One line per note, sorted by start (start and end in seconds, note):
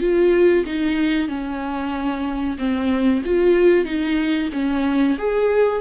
0.00 0.65 F4
0.65 1.28 D#4
1.28 2.57 C#4
2.58 3.22 C4
3.25 3.84 F4
3.84 4.49 D#4
4.52 5.17 C#4
5.18 5.81 G#4